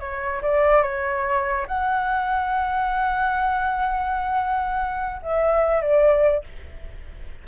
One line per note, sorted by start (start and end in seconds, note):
0.00 0.42 C#5
0.42 0.83 D5
0.83 1.66 C#5
1.68 5.22 F#5
5.22 5.82 E5
5.82 6.44 D5